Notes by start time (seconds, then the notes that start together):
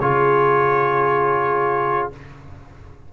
0.00 C#3 F4 G#4 C#5